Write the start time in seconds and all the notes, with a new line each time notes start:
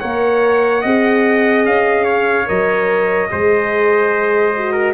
0.00 A#3 A#4 C#5 F#5
0.81 C4 G#4 D#5
1.65 C#4 F5
2.04 C#5
2.46 F#3 A#4 D#5
3.31 G#3 G#4 C5
4.57 F#4
4.72 A#4